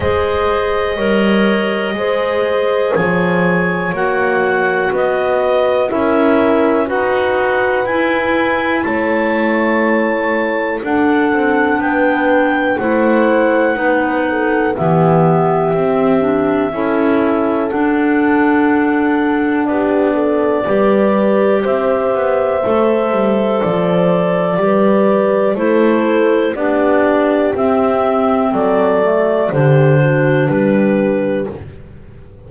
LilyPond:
<<
  \new Staff \with { instrumentName = "clarinet" } { \time 4/4 \tempo 4 = 61 dis''2. gis''4 | fis''4 dis''4 e''4 fis''4 | gis''4 a''2 fis''4 | g''4 fis''2 e''4~ |
e''2 fis''2 | d''2 e''2 | d''2 c''4 d''4 | e''4 d''4 c''4 b'4 | }
  \new Staff \with { instrumentName = "horn" } { \time 4/4 c''4 cis''4 c''4 cis''4~ | cis''4 b'4 ais'4 b'4~ | b'4 cis''2 a'4 | b'4 c''4 b'8 a'8 g'4~ |
g'4 a'2. | g'8 a'8 b'4 c''2~ | c''4 b'4 a'4 g'4~ | g'4 a'4 g'8 fis'8 g'4 | }
  \new Staff \with { instrumentName = "clarinet" } { \time 4/4 gis'4 ais'4 gis'2 | fis'2 e'4 fis'4 | e'2. d'4~ | d'4 e'4 dis'4 b4 |
c'8 d'8 e'4 d'2~ | d'4 g'2 a'4~ | a'4 g'4 e'4 d'4 | c'4. a8 d'2 | }
  \new Staff \with { instrumentName = "double bass" } { \time 4/4 gis4 g4 gis4 f4 | ais4 b4 cis'4 dis'4 | e'4 a2 d'8 c'8 | b4 a4 b4 e4 |
c'4 cis'4 d'2 | b4 g4 c'8 b8 a8 g8 | f4 g4 a4 b4 | c'4 fis4 d4 g4 | }
>>